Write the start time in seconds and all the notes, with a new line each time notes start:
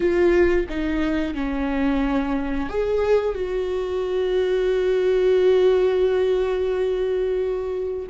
0.00 F4
0.69 D#4
1.34 C#4
2.69 G#4
3.35 F#4